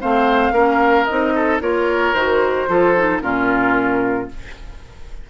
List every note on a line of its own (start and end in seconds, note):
0.00 0.51 A3
0.00 0.53 C4
0.00 0.53 C5
0.00 1.05 F5
0.51 1.05 A#3
0.51 1.07 C#4
0.51 1.33 A#4
1.05 1.61 C4
1.05 1.61 D#4
1.05 1.58 D#5
1.35 1.61 A4
1.61 2.14 A#3
1.61 2.14 F4
1.61 2.69 A#4
1.61 2.13 C#5
2.13 2.67 D#3
2.13 2.68 F#4
2.13 3.20 C5
2.68 3.22 F3
2.68 2.95 F4
2.68 3.22 A4
2.96 3.21 D#4
3.21 4.29 A#2
3.21 4.28 C#4
3.21 4.29 F4
3.21 4.28 A#4